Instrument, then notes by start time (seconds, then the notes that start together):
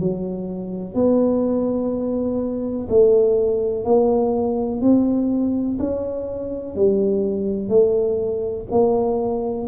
tuba
0.00 F#3
0.95 B3
2.90 A3
3.85 A#3
4.82 C4
5.79 C#4
6.76 G3
7.69 A3
8.71 A#3